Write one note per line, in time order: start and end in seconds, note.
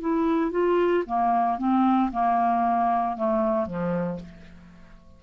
0.00 0.51 E4
0.51 1.04 F4
1.06 1.58 A#3
1.58 2.11 C4
2.12 3.17 A#3
3.17 3.67 A3
3.67 4.19 F3